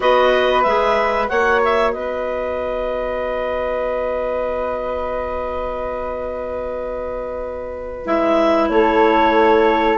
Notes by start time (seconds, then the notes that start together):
0.00 B3 F#4 B4 D#5
0.62 G#3 G#4 E5
1.28 A#3 F#4 C#5 F#5
1.64 E5
1.91 B3 B4 D#5
8.05 G#3 E4 E5
8.68 A3 A4 C#5